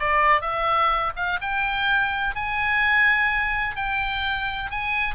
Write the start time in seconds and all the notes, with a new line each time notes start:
0.00 D5
0.42 E5
1.16 F5
1.42 G5
2.36 G#5
3.76 G5
4.71 G#5